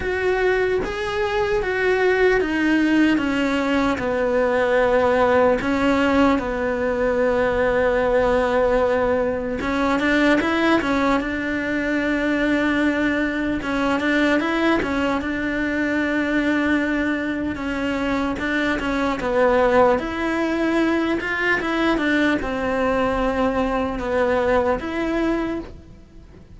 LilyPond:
\new Staff \with { instrumentName = "cello" } { \time 4/4 \tempo 4 = 75 fis'4 gis'4 fis'4 dis'4 | cis'4 b2 cis'4 | b1 | cis'8 d'8 e'8 cis'8 d'2~ |
d'4 cis'8 d'8 e'8 cis'8 d'4~ | d'2 cis'4 d'8 cis'8 | b4 e'4. f'8 e'8 d'8 | c'2 b4 e'4 | }